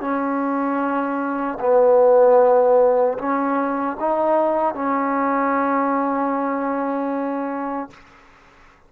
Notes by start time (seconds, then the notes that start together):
0.00 C#4
1.60 B3
3.18 C#4
3.99 D#4
4.74 C#4